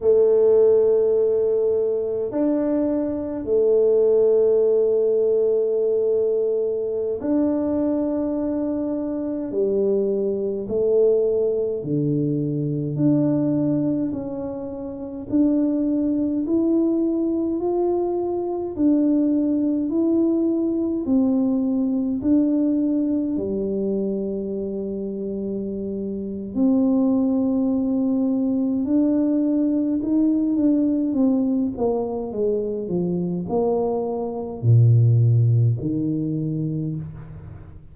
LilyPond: \new Staff \with { instrumentName = "tuba" } { \time 4/4 \tempo 4 = 52 a2 d'4 a4~ | a2~ a16 d'4.~ d'16~ | d'16 g4 a4 d4 d'8.~ | d'16 cis'4 d'4 e'4 f'8.~ |
f'16 d'4 e'4 c'4 d'8.~ | d'16 g2~ g8. c'4~ | c'4 d'4 dis'8 d'8 c'8 ais8 | gis8 f8 ais4 ais,4 dis4 | }